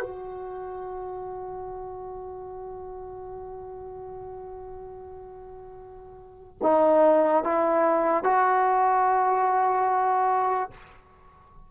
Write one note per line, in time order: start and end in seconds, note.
0.00 6.58 F#4
6.62 7.43 D#4
7.43 8.23 E4
8.23 10.70 F#4